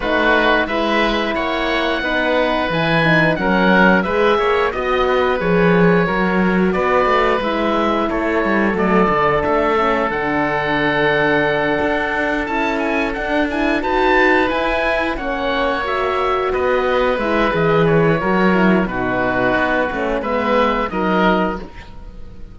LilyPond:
<<
  \new Staff \with { instrumentName = "oboe" } { \time 4/4 \tempo 4 = 89 b'4 e''4 fis''2 | gis''4 fis''4 e''4 dis''4 | cis''2 d''4 e''4 | cis''4 d''4 e''4 fis''4~ |
fis''2~ fis''8 a''8 gis''8 fis''8 | gis''8 a''4 gis''4 fis''4 e''8~ | e''8 dis''4 e''8 dis''8 cis''4. | b'2 e''4 dis''4 | }
  \new Staff \with { instrumentName = "oboe" } { \time 4/4 fis'4 b'4 cis''4 b'4~ | b'4 ais'4 b'8 cis''8 dis''8 b'8~ | b'4 ais'4 b'2 | a'1~ |
a'1~ | a'8 b'2 cis''4.~ | cis''8 b'2~ b'8 ais'4 | fis'2 b'4 ais'4 | }
  \new Staff \with { instrumentName = "horn" } { \time 4/4 dis'4 e'2 dis'4 | e'8 dis'8 cis'4 gis'4 fis'4 | gis'4 fis'2 e'4~ | e'4 a8 d'4 cis'8 d'4~ |
d'2~ d'8 e'4 d'8 | e'8 fis'4 e'4 cis'4 fis'8~ | fis'4. e'8 gis'4 fis'8 e'8 | dis'4. cis'8 b4 dis'4 | }
  \new Staff \with { instrumentName = "cello" } { \time 4/4 a4 gis4 ais4 b4 | e4 fis4 gis8 ais8 b4 | f4 fis4 b8 a8 gis4 | a8 g8 fis8 d8 a4 d4~ |
d4. d'4 cis'4 d'8~ | d'8 dis'4 e'4 ais4.~ | ais8 b4 gis8 e4 fis4 | b,4 b8 a8 gis4 fis4 | }
>>